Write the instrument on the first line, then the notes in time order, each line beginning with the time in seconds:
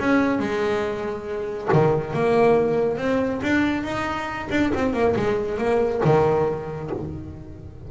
double bass
0.00 C#4
0.39 G#3
1.73 D#3
2.14 A#3
2.98 C4
3.43 D4
3.84 D#4
4.51 D4
4.74 C4
4.94 A#3
5.16 G#3
5.58 A#3
6.05 D#3